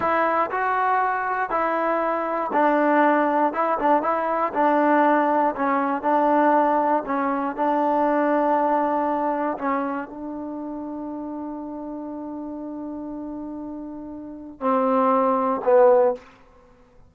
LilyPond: \new Staff \with { instrumentName = "trombone" } { \time 4/4 \tempo 4 = 119 e'4 fis'2 e'4~ | e'4 d'2 e'8 d'8 | e'4 d'2 cis'4 | d'2 cis'4 d'4~ |
d'2. cis'4 | d'1~ | d'1~ | d'4 c'2 b4 | }